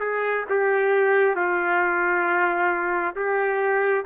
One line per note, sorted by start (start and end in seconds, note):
0.00 0.45 G#4
0.50 1.36 G4
1.36 3.15 F4
3.16 4.05 G4